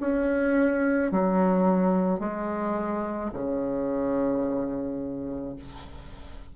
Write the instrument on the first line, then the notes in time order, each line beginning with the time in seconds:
bassoon
0.00 C#4
1.11 F#3
2.19 G#3
3.33 C#3